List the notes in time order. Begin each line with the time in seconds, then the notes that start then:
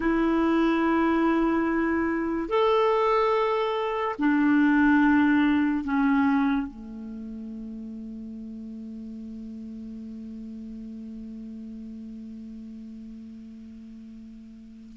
0.00 E4
2.48 A4
4.18 D4
5.83 C#4
6.67 A3